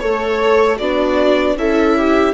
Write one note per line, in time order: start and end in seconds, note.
0.00 0.80 A3
0.00 0.80 A4
0.00 0.78 C#5
0.00 0.77 C#5
0.77 1.56 B3
0.77 1.59 D4
0.77 1.55 F#4
0.77 1.57 D5
1.56 2.34 C#4
1.56 2.35 E4
1.56 1.98 A4
1.56 2.35 E5
1.98 2.35 G4